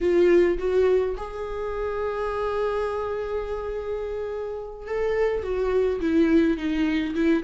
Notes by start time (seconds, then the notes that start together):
0.01 F4
0.58 F#4
1.16 G#4
4.86 A4
5.43 F#4
6.00 E4
6.57 D#4
7.14 E4